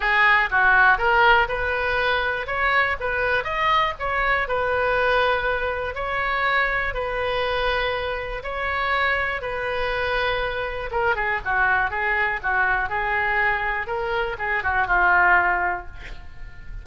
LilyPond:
\new Staff \with { instrumentName = "oboe" } { \time 4/4 \tempo 4 = 121 gis'4 fis'4 ais'4 b'4~ | b'4 cis''4 b'4 dis''4 | cis''4 b'2. | cis''2 b'2~ |
b'4 cis''2 b'4~ | b'2 ais'8 gis'8 fis'4 | gis'4 fis'4 gis'2 | ais'4 gis'8 fis'8 f'2 | }